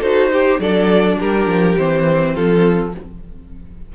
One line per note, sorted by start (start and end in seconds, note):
0.00 0.58 D#4
0.00 0.32 F#4
0.00 0.29 A4
0.00 0.60 C5
0.32 0.59 G4
0.32 0.61 G4
0.58 1.17 F#3
0.58 1.77 D4
0.58 1.17 A4
0.58 1.18 D5
1.18 1.47 G3
1.18 2.33 G4
1.18 1.77 A#4
1.47 1.76 F3
1.77 2.35 E3
1.77 2.93 C4
1.77 2.35 C5
2.33 2.94 F3
2.33 2.92 F4
2.33 2.93 A4